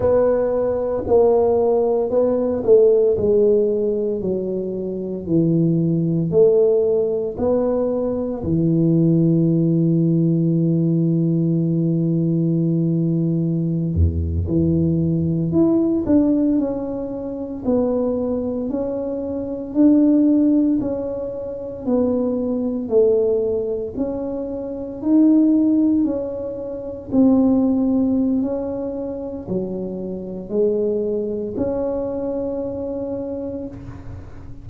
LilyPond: \new Staff \with { instrumentName = "tuba" } { \time 4/4 \tempo 4 = 57 b4 ais4 b8 a8 gis4 | fis4 e4 a4 b4 | e1~ | e4~ e16 e,8 e4 e'8 d'8 cis'16~ |
cis'8. b4 cis'4 d'4 cis'16~ | cis'8. b4 a4 cis'4 dis'16~ | dis'8. cis'4 c'4~ c'16 cis'4 | fis4 gis4 cis'2 | }